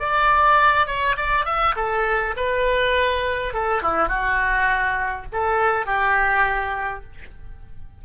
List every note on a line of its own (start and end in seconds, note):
0.00 0.87 D5
0.87 1.16 C#5
1.17 1.45 D5
1.45 1.75 E5
1.76 2.35 A4
2.37 3.54 B4
3.54 3.83 A4
3.83 4.09 E4
4.09 5.26 F#4
5.33 5.86 A4
5.86 7.04 G4